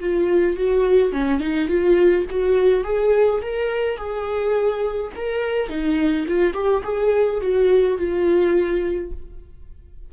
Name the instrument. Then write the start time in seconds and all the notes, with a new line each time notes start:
viola
0.00 F4
0.56 F#4
1.12 C#4
1.40 D#4
1.68 F4
2.30 F#4
2.84 G#4
3.41 A#4
3.97 G#4
5.15 A#4
5.68 D#4
6.28 F4
6.54 G4
6.83 G#4
7.41 F#4
7.97 F4